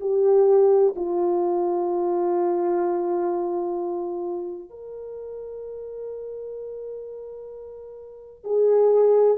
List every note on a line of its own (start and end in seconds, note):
0.00 0.94 G4
0.95 4.70 F4
4.70 8.44 A#4
8.44 9.37 G#4